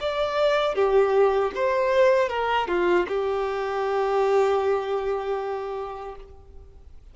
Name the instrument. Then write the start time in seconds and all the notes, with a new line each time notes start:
violin
0.00 D5
0.75 G4
1.55 C5
2.29 A#4
2.67 F4
3.08 G4